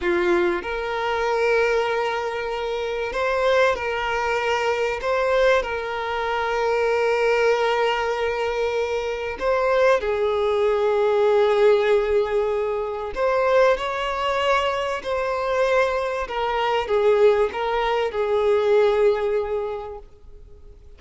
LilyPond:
\new Staff \with { instrumentName = "violin" } { \time 4/4 \tempo 4 = 96 f'4 ais'2.~ | ais'4 c''4 ais'2 | c''4 ais'2.~ | ais'2. c''4 |
gis'1~ | gis'4 c''4 cis''2 | c''2 ais'4 gis'4 | ais'4 gis'2. | }